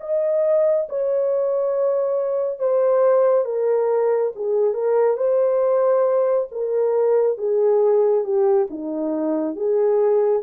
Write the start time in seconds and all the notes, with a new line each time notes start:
0.00 D#5
0.89 C#5
2.59 C5
3.45 A#4
4.35 G#4
4.74 A#4
5.17 C5
6.51 A#4
7.38 G#4
8.24 G4
8.70 D#4
9.55 G#4